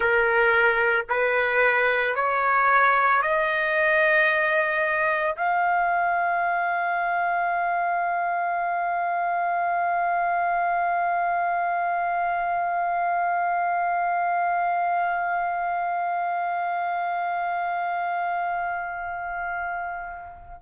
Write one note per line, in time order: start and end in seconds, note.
0.00 1.06 A#4
1.09 2.15 B4
2.15 3.21 C#5
3.21 5.36 D#5
5.36 20.62 F5